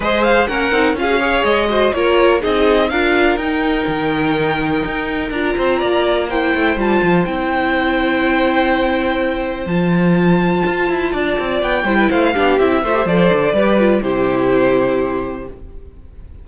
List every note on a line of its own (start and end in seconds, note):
0.00 0.46 G#3
0.00 0.48 G#4
0.00 0.47 C5
0.00 0.23 D#5
0.23 0.47 F5
0.47 0.71 A#3
0.47 0.71 C#4
0.47 0.96 A#4
0.47 0.95 F#5
0.71 0.93 C4
0.71 0.95 D#4
0.93 1.42 C#4
0.93 1.08 F4
0.93 1.44 F5
1.00 1.19 G#4
1.09 1.20 F#4
1.19 1.68 G#4
1.19 1.68 C#5
1.44 1.92 G#3
1.44 1.92 D#5
1.68 1.93 F#4
1.68 1.94 C5
1.92 2.41 A#3
1.92 2.40 F4
1.92 2.41 A#4
1.92 2.41 C#5
2.40 2.91 C4
2.40 2.89 D#4
2.40 2.89 G#4
2.40 2.89 D#5
2.89 3.36 D4
2.89 3.39 F4
2.89 5.56 A#4
2.89 3.37 F5
3.36 3.85 D#4
3.36 5.33 D#4
3.36 5.31 G5
3.86 4.83 D#3
4.84 5.30 D#4
5.30 5.54 D4
5.30 6.30 F4
5.30 6.29 A#5
5.56 5.81 C4
5.56 5.79 C5
5.79 6.54 A#3
5.79 6.27 D5
6.28 6.78 E4
6.28 11.12 C5
6.28 6.77 G5
6.54 6.76 A3
6.76 7.00 G3
6.76 7.26 F4
6.76 7.25 A5
7.02 7.26 F3
7.25 9.66 C4
7.25 9.67 E4
7.25 9.66 G5
9.66 10.62 F3
9.66 11.85 F4
9.66 11.60 A5
10.66 10.89 F4
10.89 11.13 E4
11.12 11.37 D4
11.12 11.85 D5
11.39 11.62 C4
11.62 11.84 B3
11.62 12.10 G5
11.84 12.08 G3
11.84 12.34 E4
11.84 11.97 C5
11.97 12.09 B4
12.09 12.35 A3
12.09 12.33 C5
12.09 12.59 F5
12.33 12.59 B3
12.33 12.59 D4
12.33 12.81 G4
12.59 12.83 C4
12.59 12.84 E4
12.59 13.06 E5
12.83 13.05 A3
12.83 12.94 F4
12.83 13.54 C5
12.94 13.06 G4
13.05 13.30 F3
13.05 13.56 A4
13.05 14.02 D5
13.33 13.53 D3
13.53 14.01 G3
13.53 13.79 G4
13.53 14.03 B4
13.79 14.02 F4
14.02 15.47 C3
14.02 15.47 E4
14.02 15.48 G4
14.02 15.47 C5